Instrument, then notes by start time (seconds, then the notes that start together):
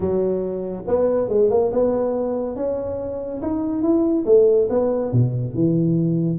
tuba
0.00 F#3
0.87 B3
1.28 G#3
1.50 A#3
1.72 B3
2.56 C#4
3.42 D#4
3.82 E4
4.25 A3
4.69 B3
5.12 B2
5.54 E3